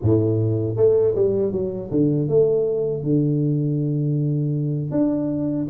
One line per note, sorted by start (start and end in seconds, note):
0.02 0.76 A2
0.76 1.14 A3
1.15 1.52 G3
1.52 1.90 F#3
1.90 2.28 D3
2.28 3.03 A3
3.03 4.91 D3
4.91 5.67 D4